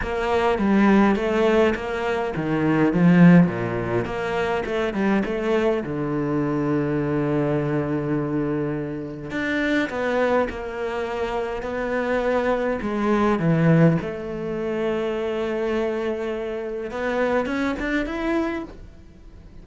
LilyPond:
\new Staff \with { instrumentName = "cello" } { \time 4/4 \tempo 4 = 103 ais4 g4 a4 ais4 | dis4 f4 ais,4 ais4 | a8 g8 a4 d2~ | d1 |
d'4 b4 ais2 | b2 gis4 e4 | a1~ | a4 b4 cis'8 d'8 e'4 | }